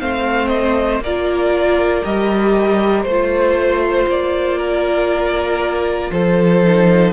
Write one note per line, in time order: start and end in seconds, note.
0.00 1.01 A3
0.00 1.02 C4
0.00 1.04 C5
0.00 0.48 F5
0.48 0.99 D#5
1.01 2.02 A#3
1.01 3.07 A#4
1.01 2.05 D5
1.07 2.04 F4
2.04 3.05 G3
2.04 3.06 G4
2.04 3.03 D#5
3.03 4.07 A3
3.03 4.05 C5
3.03 4.58 C5
3.11 6.64 F4
4.08 6.11 A#3
4.08 6.11 D5
4.58 6.11 A#4
6.11 7.13 F3
6.11 7.13 A4
6.11 7.13 C5
6.64 7.13 D#4